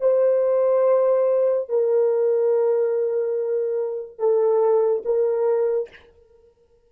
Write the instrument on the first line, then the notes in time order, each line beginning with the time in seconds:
horn
0.00 C5
1.69 A#4
4.18 A4
5.05 A#4